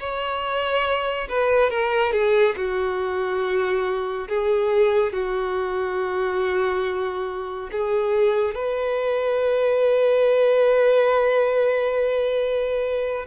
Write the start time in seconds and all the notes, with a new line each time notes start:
0.00 C#5
1.29 B4
1.71 A#4
2.13 G#4
2.57 F#4
4.29 G#4
5.14 F#4
7.72 G#4
8.55 B4